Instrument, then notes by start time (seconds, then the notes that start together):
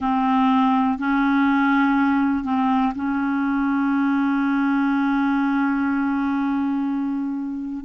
clarinet
0.00 C4
0.98 C#4
2.44 C4
2.95 C#4